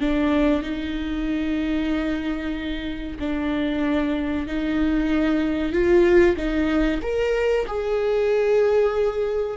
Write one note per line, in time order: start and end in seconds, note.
0.00 0.62 D4
0.62 3.17 D#4
3.19 4.47 D4
4.47 5.72 D#4
5.72 6.36 F4
6.37 7.00 D#4
7.02 7.66 A#4
7.67 9.57 G#4